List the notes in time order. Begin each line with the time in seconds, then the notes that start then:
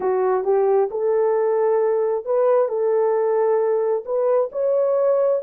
0.00 F#4
0.44 G4
0.90 A4
2.25 B4
2.68 A4
4.05 B4
4.52 C#5